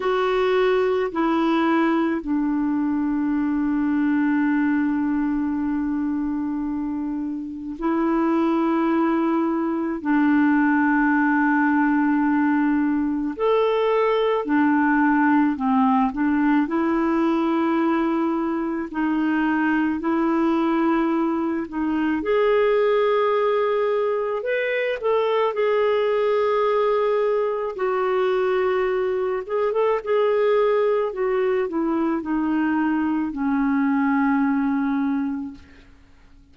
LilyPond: \new Staff \with { instrumentName = "clarinet" } { \time 4/4 \tempo 4 = 54 fis'4 e'4 d'2~ | d'2. e'4~ | e'4 d'2. | a'4 d'4 c'8 d'8 e'4~ |
e'4 dis'4 e'4. dis'8 | gis'2 b'8 a'8 gis'4~ | gis'4 fis'4. gis'16 a'16 gis'4 | fis'8 e'8 dis'4 cis'2 | }